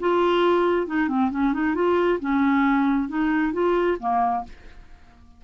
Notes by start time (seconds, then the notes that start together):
0.00 F4
0.87 D#4
1.08 C4
1.31 C#4
1.53 D#4
1.75 F4
2.20 C#4
3.08 D#4
3.53 F4
4.00 A#3